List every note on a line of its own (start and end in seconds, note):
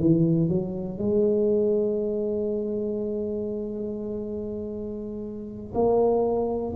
0.00 0.49 E3
0.49 0.99 F#3
0.99 5.74 G#3
5.75 6.75 A#3